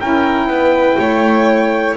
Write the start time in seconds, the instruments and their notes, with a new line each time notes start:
0.00 double bass C#4, saxophone E4, violin A#4, trumpet G5
0.47 double bass B3, violin B4
0.99 double bass A3, violin C#5